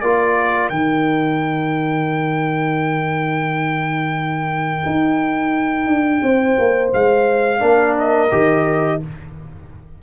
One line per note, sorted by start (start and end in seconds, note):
0.00 0.70 A#3
0.00 0.72 F4
0.00 6.22 A#4
0.00 0.69 D5
0.69 4.84 D#3
0.69 7.59 D#4
0.69 6.90 G5
4.86 5.87 D#4
5.87 6.21 D4
6.23 6.57 C4
6.23 7.61 C5
6.59 6.93 A#3
6.93 7.62 G#3
6.93 7.97 F5
7.59 8.31 A#3
7.59 8.28 D4
7.59 8.99 A#4
7.99 9.02 D#5
8.31 9.01 D#3
8.31 9.00 G4